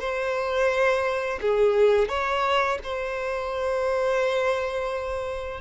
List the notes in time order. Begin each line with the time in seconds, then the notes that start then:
0.00 C5
1.41 G#4
2.09 C#5
2.84 C5